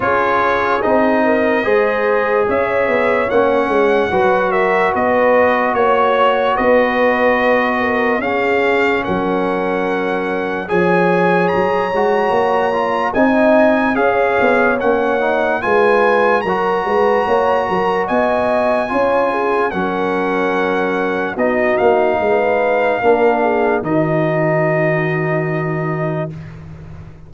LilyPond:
<<
  \new Staff \with { instrumentName = "trumpet" } { \time 4/4 \tempo 4 = 73 cis''4 dis''2 e''4 | fis''4. e''8 dis''4 cis''4 | dis''2 f''4 fis''4~ | fis''4 gis''4 ais''2 |
gis''4 f''4 fis''4 gis''4 | ais''2 gis''2 | fis''2 dis''8 f''4.~ | f''4 dis''2. | }
  \new Staff \with { instrumentName = "horn" } { \time 4/4 gis'4. ais'8 c''4 cis''4~ | cis''4 b'8 ais'8 b'4 cis''4 | b'4. ais'8 gis'4 ais'4~ | ais'4 cis''2. |
dis''4 cis''2 b'4 | ais'8 b'8 cis''8 ais'8 dis''4 cis''8 gis'8 | ais'2 fis'4 b'4 | ais'8 gis'8 fis'2. | }
  \new Staff \with { instrumentName = "trombone" } { \time 4/4 f'4 dis'4 gis'2 | cis'4 fis'2.~ | fis'2 cis'2~ | cis'4 gis'4. fis'4 f'8 |
dis'4 gis'4 cis'8 dis'8 f'4 | fis'2. f'4 | cis'2 dis'2 | d'4 dis'2. | }
  \new Staff \with { instrumentName = "tuba" } { \time 4/4 cis'4 c'4 gis4 cis'8 b8 | ais8 gis8 fis4 b4 ais4 | b2 cis'4 fis4~ | fis4 f4 fis8 gis8 ais4 |
c'4 cis'8 b8 ais4 gis4 | fis8 gis8 ais8 fis8 b4 cis'4 | fis2 b8 ais8 gis4 | ais4 dis2. | }
>>